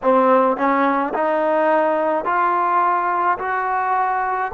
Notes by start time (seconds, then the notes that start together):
0.02 C4
0.57 C#4
1.13 D#4
2.24 F4
3.38 F#4